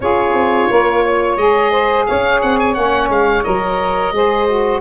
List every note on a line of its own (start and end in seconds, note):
0.00 0.33 C#4
0.00 1.39 F4
0.00 0.69 G#4
0.00 1.36 C#5
0.33 0.67 C4
0.69 1.36 A#3
0.69 1.03 A#4
1.03 1.71 C#5
1.36 2.05 G#3
1.36 2.74 G#4
1.36 2.05 D#5
1.71 2.05 C5
2.06 2.43 C#4
2.06 4.14 C#5
2.06 2.40 F5
2.41 2.77 C4
2.41 2.58 F#5
2.59 2.73 G#5
2.73 3.09 A#3
2.73 3.43 C#4
2.73 3.08 F#5
3.09 3.43 G#3
3.09 3.43 F5
3.43 4.11 F#3
3.43 4.13 A#4
3.43 4.80 D#5
4.11 4.80 G#3
4.11 4.47 G#4
4.11 4.80 C5
4.47 4.80 F#4